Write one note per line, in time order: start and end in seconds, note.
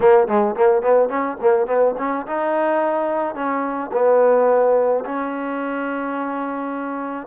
0.00 0.27 A#3
0.27 0.55 G#3
0.55 0.82 A#3
0.82 1.09 B3
1.09 1.37 C#4
1.40 1.67 A#3
1.67 1.95 B3
1.98 2.26 C#4
2.26 3.34 D#4
3.34 3.90 C#4
3.92 5.04 B3
5.05 7.27 C#4